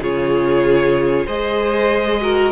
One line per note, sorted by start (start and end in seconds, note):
0.00 1.26 C#3
0.00 1.27 F4
0.00 1.26 G#4
0.00 1.27 C#5
1.26 2.52 G#3
1.26 2.21 G#4
1.26 2.20 C5
1.26 2.52 D#5
2.21 2.52 F#4
2.21 2.52 A#4